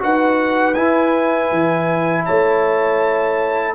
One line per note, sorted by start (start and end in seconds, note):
0.00 0.77 D#4
0.00 0.75 F#4
0.00 2.26 B4
0.00 0.75 F#5
0.75 3.75 E4
0.75 1.52 E4
0.75 2.25 G#5
1.52 2.27 E3
2.26 3.75 A3
2.26 3.75 C#5
2.26 3.75 A5